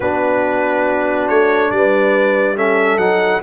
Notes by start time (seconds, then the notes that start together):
0.00 B3 D4 F#4 B4
1.28 A3 C#5
1.71 G3 B4 D5
2.56 C#4 A4 E5
2.97 F#3 D#4 F#5